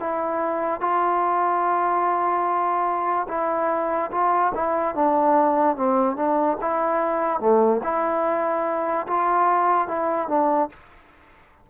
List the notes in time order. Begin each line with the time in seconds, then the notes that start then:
0.00 E4
0.81 F4
3.28 E4
4.12 F4
4.55 E4
4.95 D4
5.76 C4
6.16 D4
6.61 E4
7.40 A3
7.83 E4
9.07 F4
9.88 E4
10.29 D4